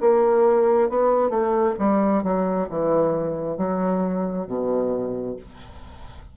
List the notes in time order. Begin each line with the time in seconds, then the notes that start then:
0.00 A#3
0.89 B3
1.29 A3
1.78 G3
2.23 F#3
2.69 E3
3.57 F#3
4.47 B2